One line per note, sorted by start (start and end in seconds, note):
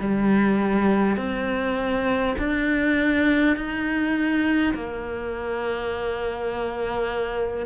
0.00 1.17 G3
1.17 2.35 C4
2.39 3.56 D4
3.56 4.74 D#4
4.74 7.66 A#3